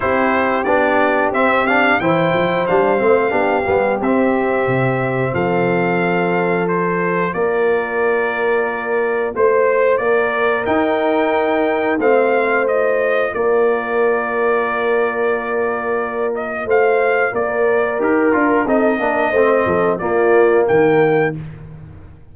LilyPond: <<
  \new Staff \with { instrumentName = "trumpet" } { \time 4/4 \tempo 4 = 90 c''4 d''4 e''8 f''8 g''4 | f''2 e''2 | f''2 c''4 d''4~ | d''2 c''4 d''4 |
g''2 f''4 dis''4 | d''1~ | d''8 dis''8 f''4 d''4 ais'4 | dis''2 d''4 g''4 | }
  \new Staff \with { instrumentName = "horn" } { \time 4/4 g'2. c''4~ | c''4 g'2. | a'2. ais'4~ | ais'2 c''4 ais'4~ |
ais'2 c''2 | ais'1~ | ais'4 c''4 ais'2 | a'8 ais'8 c''8 a'8 f'4 ais'4 | }
  \new Staff \with { instrumentName = "trombone" } { \time 4/4 e'4 d'4 c'8 d'8 e'4 | d'8 c'8 d'8 b8 c'2~ | c'2 f'2~ | f'1 |
dis'2 c'4 f'4~ | f'1~ | f'2. g'8 f'8 | dis'8 d'8 c'4 ais2 | }
  \new Staff \with { instrumentName = "tuba" } { \time 4/4 c'4 b4 c'4 e8 f8 | g8 a8 b8 g8 c'4 c4 | f2. ais4~ | ais2 a4 ais4 |
dis'2 a2 | ais1~ | ais4 a4 ais4 dis'8 d'8 | c'8 ais8 a8 f8 ais4 dis4 | }
>>